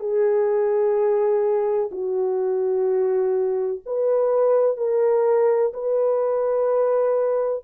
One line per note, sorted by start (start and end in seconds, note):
0.00 1.90 G#4
1.92 3.82 F#4
3.86 4.77 B4
4.77 5.73 A#4
5.73 7.64 B4